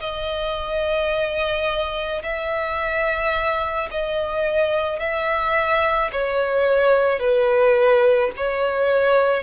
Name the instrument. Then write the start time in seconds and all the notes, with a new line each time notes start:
violin
0.00 D#5
2.23 E5
3.91 D#5
4.99 E5
6.13 C#5
7.20 B4
8.37 C#5